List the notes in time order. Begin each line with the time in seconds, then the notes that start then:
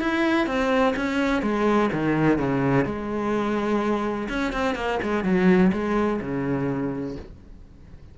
0.00 E4
0.47 C4
0.96 C#4
1.42 G#3
1.92 D#3
2.38 C#3
2.85 G#3
4.29 C#4
4.53 C4
4.75 A#3
5.02 G#3
5.24 F#3
5.73 G#3
6.21 C#3